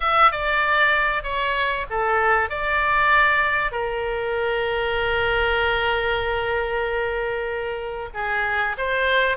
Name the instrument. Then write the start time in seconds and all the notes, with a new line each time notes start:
oboe
0.00 E5
0.31 D5
1.23 C#5
1.89 A4
2.49 D5
3.71 A#4
8.14 G#4
8.77 C5